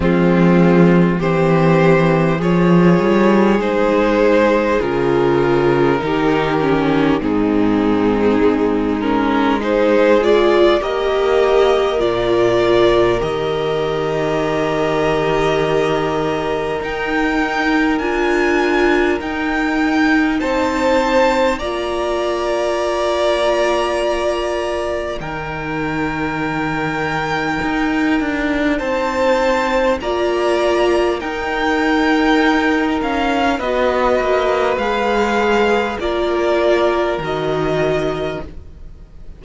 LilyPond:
<<
  \new Staff \with { instrumentName = "violin" } { \time 4/4 \tempo 4 = 50 f'4 c''4 cis''4 c''4 | ais'2 gis'4. ais'8 | c''8 d''8 dis''4 d''4 dis''4~ | dis''2 g''4 gis''4 |
g''4 a''4 ais''2~ | ais''4 g''2. | a''4 ais''4 g''4. f''8 | dis''4 f''4 d''4 dis''4 | }
  \new Staff \with { instrumentName = "violin" } { \time 4/4 c'4 g'4 gis'2~ | gis'4 g'4 dis'2 | gis'4 ais'2.~ | ais'1~ |
ais'4 c''4 d''2~ | d''4 ais'2. | c''4 d''4 ais'2 | b'2 ais'2 | }
  \new Staff \with { instrumentName = "viola" } { \time 4/4 gis4 c'4 f'4 dis'4 | f'4 dis'8 cis'8 c'4. cis'8 | dis'8 f'8 g'4 f'4 g'4~ | g'2 dis'4 f'4 |
dis'2 f'2~ | f'4 dis'2.~ | dis'4 f'4 dis'2 | fis'4 gis'4 f'4 fis'4 | }
  \new Staff \with { instrumentName = "cello" } { \time 4/4 f4 e4 f8 g8 gis4 | cis4 dis4 gis,4 gis4~ | gis4 ais4 ais,4 dis4~ | dis2 dis'4 d'4 |
dis'4 c'4 ais2~ | ais4 dis2 dis'8 d'8 | c'4 ais4 dis'4. cis'8 | b8 ais8 gis4 ais4 dis4 | }
>>